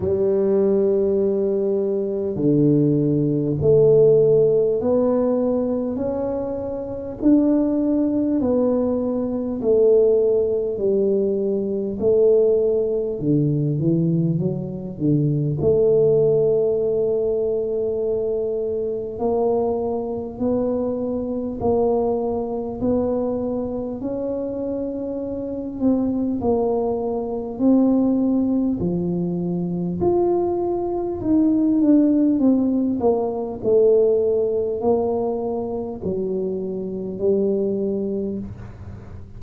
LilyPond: \new Staff \with { instrumentName = "tuba" } { \time 4/4 \tempo 4 = 50 g2 d4 a4 | b4 cis'4 d'4 b4 | a4 g4 a4 d8 e8 | fis8 d8 a2. |
ais4 b4 ais4 b4 | cis'4. c'8 ais4 c'4 | f4 f'4 dis'8 d'8 c'8 ais8 | a4 ais4 fis4 g4 | }